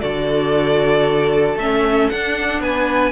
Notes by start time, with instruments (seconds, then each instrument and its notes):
0.00 cello D3, viola F#4, violin A4 D5
1.55 cello A3, viola C#4, violin E5
2.09 viola D4, cello D4, violin F#5
2.59 cello B3, violin B4 G#5